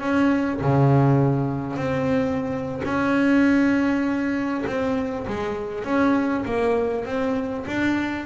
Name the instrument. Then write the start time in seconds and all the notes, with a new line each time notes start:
double bass
0.00 C#4
0.62 C#3
1.77 C4
2.85 C#4
4.66 C4
5.27 G#3
5.84 C#4
6.46 A#3
7.05 C4
7.67 D4